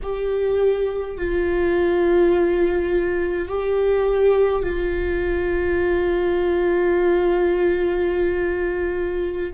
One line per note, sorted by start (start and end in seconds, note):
0.02 1.17 G4
1.17 3.48 F4
3.48 4.63 G4
4.63 9.53 F4